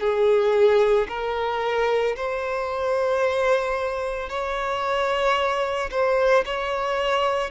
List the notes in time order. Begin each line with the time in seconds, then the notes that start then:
0.00 G#4
1.09 A#4
2.17 C5
4.30 C#5
5.91 C5
6.45 C#5